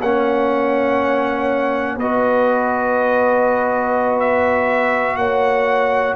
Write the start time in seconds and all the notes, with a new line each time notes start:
0.00 A#3 C#4 C#5 F#5
1.97 B3 F#4 B4 D#5
4.20 E5
5.16 A#3 C#5 F#5